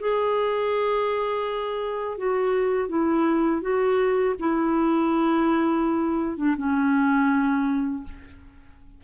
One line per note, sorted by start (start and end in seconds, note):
0.00 2.18 G#4
2.18 2.89 F#4
2.89 3.62 E4
3.62 4.35 F#4
4.39 6.38 E4
6.38 6.56 D4
6.58 8.04 C#4